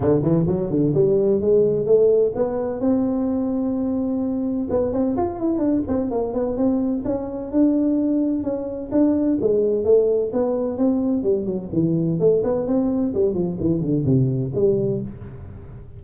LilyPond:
\new Staff \with { instrumentName = "tuba" } { \time 4/4 \tempo 4 = 128 d8 e8 fis8 d8 g4 gis4 | a4 b4 c'2~ | c'2 b8 c'8 f'8 e'8 | d'8 c'8 ais8 b8 c'4 cis'4 |
d'2 cis'4 d'4 | gis4 a4 b4 c'4 | g8 fis8 e4 a8 b8 c'4 | g8 f8 e8 d8 c4 g4 | }